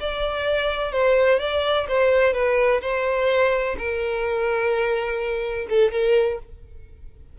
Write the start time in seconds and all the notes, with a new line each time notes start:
0.00 D5
0.93 C5
1.40 D5
1.89 C5
2.34 B4
2.82 C5
3.79 A#4
5.70 A4
5.92 A#4